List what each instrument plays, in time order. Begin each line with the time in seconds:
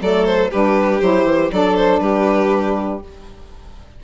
0.00 bassoon F#3, saxophone A3, violin A4 D5
0.26 violin C5
0.51 bassoon G3, saxophone D4, violin G4 B4
1.01 bassoon F#3, saxophone E4, violin C5
1.24 bassoon E3
1.52 bassoon F#3, saxophone D4, violin A4 D5
1.76 violin C5
2.00 bassoon G3, violin G4 B4